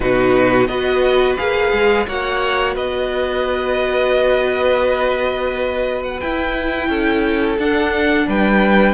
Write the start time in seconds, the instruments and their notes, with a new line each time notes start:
0.00 cello B2, viola D#4, violin F#4 B4
0.67 cello B3, viola F#4, violin B4 D#5
1.37 cello A#3, viola G#4, violin F5
1.72 cello G#3
2.07 cello A#3, viola F#4, violin C#5 F#5
2.74 cello B3, violin B4 D#5
6.02 violin F#5
6.20 viola E4, cello E4, violin G5
6.88 cello C#4, violin A4
7.58 cello D4, viola D4, violin F#5
8.27 cello G3, violin B4 G5